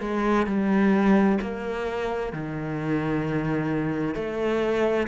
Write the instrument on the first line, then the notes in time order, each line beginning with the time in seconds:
cello
0.00 G#3
0.46 G3
1.41 A#3
2.32 D#3
4.15 A3